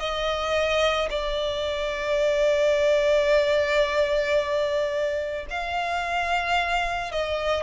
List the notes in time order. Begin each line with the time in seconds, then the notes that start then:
0.00 D#5
1.11 D5
5.50 F5
7.12 D#5